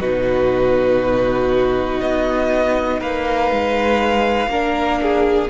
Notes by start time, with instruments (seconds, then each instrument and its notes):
0.00 cello B2, viola D#4, violin F#4 B4
2.00 cello B3, violin D#5
2.99 cello A#3, violin B4 F5
3.50 cello G#3
4.47 cello A#3, viola D4, violin A#4
5.02 violin G#4